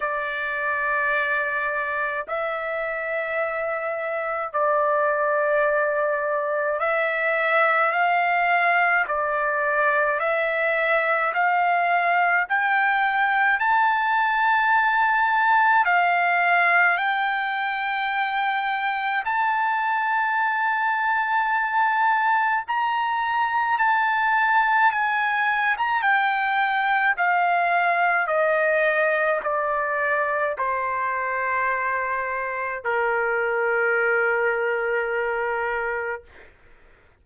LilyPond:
\new Staff \with { instrumentName = "trumpet" } { \time 4/4 \tempo 4 = 53 d''2 e''2 | d''2 e''4 f''4 | d''4 e''4 f''4 g''4 | a''2 f''4 g''4~ |
g''4 a''2. | ais''4 a''4 gis''8. ais''16 g''4 | f''4 dis''4 d''4 c''4~ | c''4 ais'2. | }